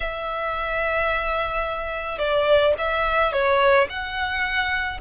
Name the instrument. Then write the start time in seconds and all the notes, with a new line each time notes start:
violin
0.00 E5
2.18 D5
2.78 E5
3.32 C#5
3.89 F#5